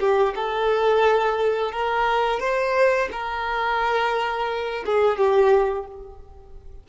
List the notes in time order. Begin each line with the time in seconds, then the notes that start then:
0.00 G4
0.35 A4
1.72 A#4
2.40 C5
3.12 A#4
4.86 G#4
5.18 G4